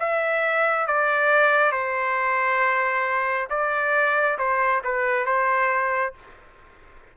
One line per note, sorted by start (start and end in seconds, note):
0.00 0.87 E5
0.87 1.72 D5
1.72 3.49 C5
3.50 4.38 D5
4.39 4.83 C5
4.84 5.26 B4
5.26 6.14 C5